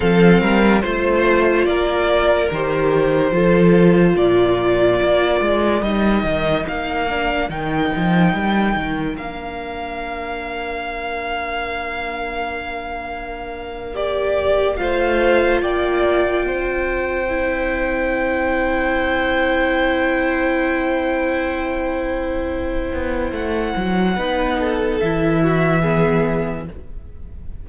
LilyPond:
<<
  \new Staff \with { instrumentName = "violin" } { \time 4/4 \tempo 4 = 72 f''4 c''4 d''4 c''4~ | c''4 d''2 dis''4 | f''4 g''2 f''4~ | f''1~ |
f''8. d''4 f''4 g''4~ g''16~ | g''1~ | g''1 | fis''2 e''2 | }
  \new Staff \with { instrumentName = "violin" } { \time 4/4 a'8 ais'8 c''4 ais'2 | a'4 ais'2.~ | ais'1~ | ais'1~ |
ais'4.~ ais'16 c''4 d''4 c''16~ | c''1~ | c''1~ | c''4 b'8 a'4 fis'8 gis'4 | }
  \new Staff \with { instrumentName = "viola" } { \time 4/4 c'4 f'2 g'4 | f'2. dis'4~ | dis'8 d'8 dis'2 d'4~ | d'1~ |
d'8. g'4 f'2~ f'16~ | f'8. e'2.~ e'16~ | e'1~ | e'4 dis'4 e'4 b4 | }
  \new Staff \with { instrumentName = "cello" } { \time 4/4 f8 g8 a4 ais4 dis4 | f4 ais,4 ais8 gis8 g8 dis8 | ais4 dis8 f8 g8 dis8 ais4~ | ais1~ |
ais4.~ ais16 a4 ais4 c'16~ | c'1~ | c'2.~ c'8 b8 | a8 fis8 b4 e2 | }
>>